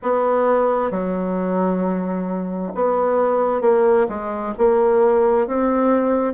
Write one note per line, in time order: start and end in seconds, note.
0.02 0.90 B3
0.90 2.72 F#3
2.74 3.61 B3
3.61 4.06 A#3
4.08 4.54 G#3
4.57 5.47 A#3
5.47 6.33 C4